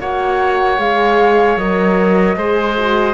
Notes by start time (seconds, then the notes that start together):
0.00 A#3 F#4 C#5 F#5
0.78 G#3 G#4 F5
1.57 F#3 A#4 D#5
2.36 G#3 G#4 C5
2.78 F#4